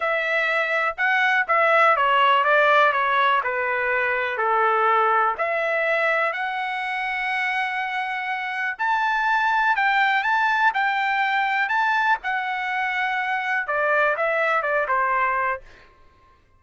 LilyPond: \new Staff \with { instrumentName = "trumpet" } { \time 4/4 \tempo 4 = 123 e''2 fis''4 e''4 | cis''4 d''4 cis''4 b'4~ | b'4 a'2 e''4~ | e''4 fis''2.~ |
fis''2 a''2 | g''4 a''4 g''2 | a''4 fis''2. | d''4 e''4 d''8 c''4. | }